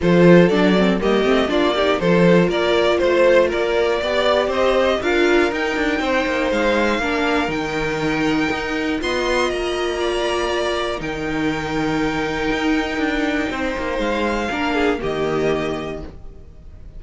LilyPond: <<
  \new Staff \with { instrumentName = "violin" } { \time 4/4 \tempo 4 = 120 c''4 d''4 dis''4 d''4 | c''4 d''4 c''4 d''4~ | d''4 dis''4 f''4 g''4~ | g''4 f''2 g''4~ |
g''2 c'''4 ais''4~ | ais''2 g''2~ | g''1 | f''2 dis''2 | }
  \new Staff \with { instrumentName = "violin" } { \time 4/4 a'2 g'4 f'8 g'8 | a'4 ais'4 c''4 ais'4 | d''4 c''4 ais'2 | c''2 ais'2~ |
ais'2 dis''2 | d''2 ais'2~ | ais'2. c''4~ | c''4 ais'8 gis'8 g'2 | }
  \new Staff \with { instrumentName = "viola" } { \time 4/4 f'4 d'8 c'8 ais8 c'8 d'8 dis'8 | f'1 | g'2 f'4 dis'4~ | dis'2 d'4 dis'4~ |
dis'2 f'2~ | f'2 dis'2~ | dis'1~ | dis'4 d'4 ais2 | }
  \new Staff \with { instrumentName = "cello" } { \time 4/4 f4 fis4 g8 a8 ais4 | f4 ais4 a4 ais4 | b4 c'4 d'4 dis'8 d'8 | c'8 ais8 gis4 ais4 dis4~ |
dis4 dis'4 b4 ais4~ | ais2 dis2~ | dis4 dis'4 d'4 c'8 ais8 | gis4 ais4 dis2 | }
>>